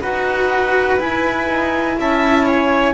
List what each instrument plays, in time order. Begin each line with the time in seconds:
0.00 double bass D#4, cello F#4, violin B4, clarinet F#5
0.98 double bass E4, cello E4, clarinet G#5
1.48 double bass D#4
1.98 double bass C#4, violin E5, clarinet A5
2.44 violin C#5, clarinet G#5